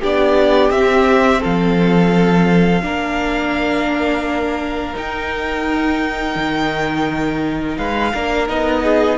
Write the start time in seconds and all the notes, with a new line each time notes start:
0.00 B3 D4 G4 D5
0.70 C4 E5
1.41 F3 A4 F5
2.82 A#3 D4 A#4
4.94 D#4 G5
6.35 D#3
7.77 G#3 B4 F5
8.13 A#3 D4 A#4
8.47 B3 D#4 D#5
8.83 G#4